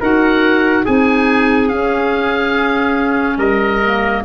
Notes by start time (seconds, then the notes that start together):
0.00 D#4 F#4 A#4 F#5
0.84 C4 D#4 G#4 G#5
1.68 C#4 F5
3.37 G3 A#4 D#5
3.84 A#3